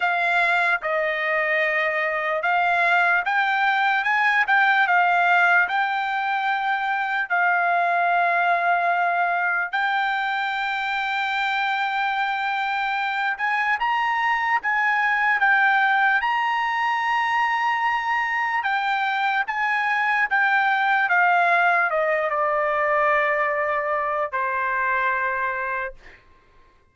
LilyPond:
\new Staff \with { instrumentName = "trumpet" } { \time 4/4 \tempo 4 = 74 f''4 dis''2 f''4 | g''4 gis''8 g''8 f''4 g''4~ | g''4 f''2. | g''1~ |
g''8 gis''8 ais''4 gis''4 g''4 | ais''2. g''4 | gis''4 g''4 f''4 dis''8 d''8~ | d''2 c''2 | }